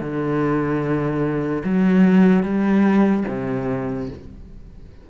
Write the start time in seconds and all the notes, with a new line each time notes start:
0.00 D3
1.64 F#3
2.43 G3
3.28 C3